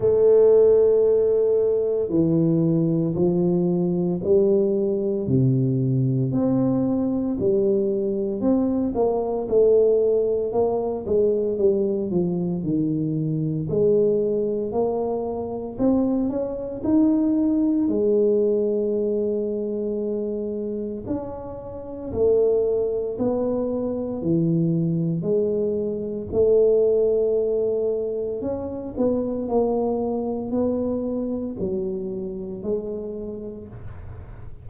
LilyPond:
\new Staff \with { instrumentName = "tuba" } { \time 4/4 \tempo 4 = 57 a2 e4 f4 | g4 c4 c'4 g4 | c'8 ais8 a4 ais8 gis8 g8 f8 | dis4 gis4 ais4 c'8 cis'8 |
dis'4 gis2. | cis'4 a4 b4 e4 | gis4 a2 cis'8 b8 | ais4 b4 fis4 gis4 | }